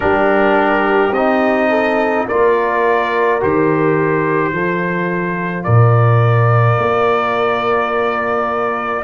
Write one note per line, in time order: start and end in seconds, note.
0.00 1.11 G3
0.00 1.12 D4
0.00 1.69 G4
0.00 1.13 A#4
1.11 2.25 C4
1.11 2.29 D#4
1.11 2.26 D#5
1.69 2.26 A4
2.27 3.42 A#3
2.27 3.40 F4
2.27 4.53 A#4
2.27 3.41 D5
3.40 4.52 D#3
3.40 4.53 G4
3.40 5.63 C5
4.52 5.65 F3
4.52 9.04 F4
4.52 5.65 A4
5.63 6.78 A#2
5.63 9.04 A#4
5.63 9.03 D5
6.78 9.04 A#3